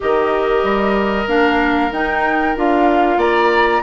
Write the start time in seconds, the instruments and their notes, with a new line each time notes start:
0.00 bassoon D#3, clarinet G4, oboe A#4, flute D#5
0.63 bassoon G3
1.26 bassoon A#3, clarinet D4, flute F5
1.91 bassoon D#4, clarinet D#4, flute G5
2.55 bassoon D4, clarinet F4, flute F5
3.17 bassoon A#3, oboe D5, flute A#5